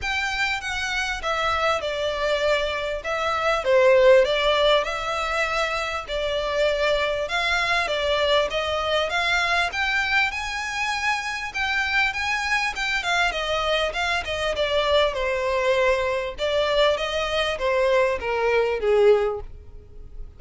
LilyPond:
\new Staff \with { instrumentName = "violin" } { \time 4/4 \tempo 4 = 99 g''4 fis''4 e''4 d''4~ | d''4 e''4 c''4 d''4 | e''2 d''2 | f''4 d''4 dis''4 f''4 |
g''4 gis''2 g''4 | gis''4 g''8 f''8 dis''4 f''8 dis''8 | d''4 c''2 d''4 | dis''4 c''4 ais'4 gis'4 | }